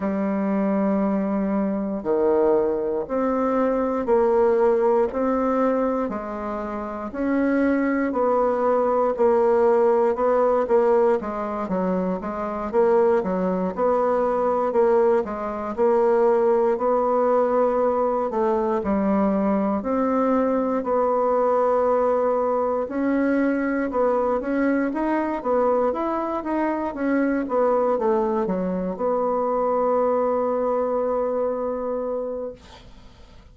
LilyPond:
\new Staff \with { instrumentName = "bassoon" } { \time 4/4 \tempo 4 = 59 g2 dis4 c'4 | ais4 c'4 gis4 cis'4 | b4 ais4 b8 ais8 gis8 fis8 | gis8 ais8 fis8 b4 ais8 gis8 ais8~ |
ais8 b4. a8 g4 c'8~ | c'8 b2 cis'4 b8 | cis'8 dis'8 b8 e'8 dis'8 cis'8 b8 a8 | fis8 b2.~ b8 | }